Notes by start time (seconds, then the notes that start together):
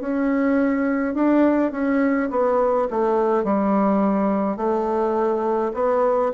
0.00 C#4
1.14 D4
1.72 C#4
2.30 B3
2.90 A3
3.44 G3
4.56 A3
5.74 B3